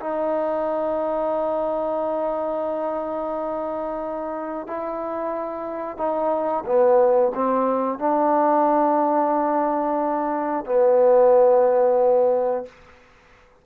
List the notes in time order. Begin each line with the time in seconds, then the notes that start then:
0.00 D#4
4.67 E4
5.97 D#4
6.65 B3
7.35 C4
7.98 D4
10.65 B3